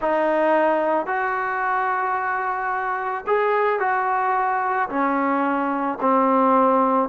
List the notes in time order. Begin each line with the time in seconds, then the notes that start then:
0.01 D#4
1.06 F#4
3.27 G#4
3.79 F#4
4.89 C#4
6.00 C4